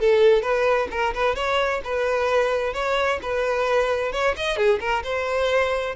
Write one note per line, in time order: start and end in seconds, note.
0.00 0.43 A4
0.43 0.88 B4
0.91 1.14 A#4
1.14 1.36 B4
1.36 1.82 C#5
1.85 2.74 B4
2.74 3.20 C#5
3.23 4.13 B4
4.13 4.36 C#5
4.37 4.57 D#5
4.57 4.80 G#4
4.80 5.03 A#4
5.04 5.96 C5